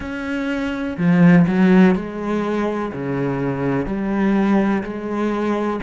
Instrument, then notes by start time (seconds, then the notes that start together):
cello
0.00 C#4
0.97 F3
1.47 F#3
1.95 G#3
2.93 C#3
3.85 G3
4.83 G#3